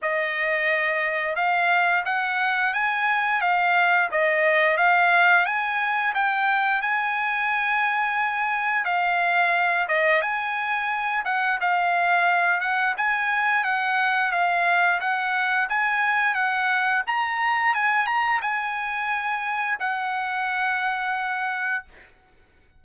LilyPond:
\new Staff \with { instrumentName = "trumpet" } { \time 4/4 \tempo 4 = 88 dis''2 f''4 fis''4 | gis''4 f''4 dis''4 f''4 | gis''4 g''4 gis''2~ | gis''4 f''4. dis''8 gis''4~ |
gis''8 fis''8 f''4. fis''8 gis''4 | fis''4 f''4 fis''4 gis''4 | fis''4 ais''4 gis''8 ais''8 gis''4~ | gis''4 fis''2. | }